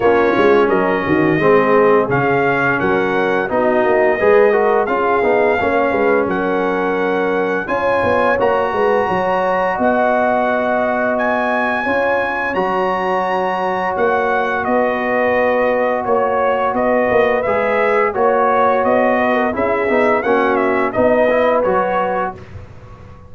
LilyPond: <<
  \new Staff \with { instrumentName = "trumpet" } { \time 4/4 \tempo 4 = 86 cis''4 dis''2 f''4 | fis''4 dis''2 f''4~ | f''4 fis''2 gis''4 | ais''2 fis''2 |
gis''2 ais''2 | fis''4 dis''2 cis''4 | dis''4 e''4 cis''4 dis''4 | e''4 fis''8 e''8 dis''4 cis''4 | }
  \new Staff \with { instrumentName = "horn" } { \time 4/4 f'4 ais'8 fis'8 gis'2 | ais'4 fis'4 b'8 ais'8 gis'4 | cis''8 b'8 ais'2 cis''4~ | cis''8 b'8 cis''4 dis''2~ |
dis''4 cis''2.~ | cis''4 b'2 cis''4 | b'2 cis''4. b'16 ais'16 | gis'4 fis'4 b'2 | }
  \new Staff \with { instrumentName = "trombone" } { \time 4/4 cis'2 c'4 cis'4~ | cis'4 dis'4 gis'8 fis'8 f'8 dis'8 | cis'2. f'4 | fis'1~ |
fis'4 f'4 fis'2~ | fis'1~ | fis'4 gis'4 fis'2 | e'8 dis'8 cis'4 dis'8 e'8 fis'4 | }
  \new Staff \with { instrumentName = "tuba" } { \time 4/4 ais8 gis8 fis8 dis8 gis4 cis4 | fis4 b8 ais8 gis4 cis'8 b8 | ais8 gis8 fis2 cis'8 b8 | ais8 gis8 fis4 b2~ |
b4 cis'4 fis2 | ais4 b2 ais4 | b8 ais8 gis4 ais4 b4 | cis'8 b8 ais4 b4 fis4 | }
>>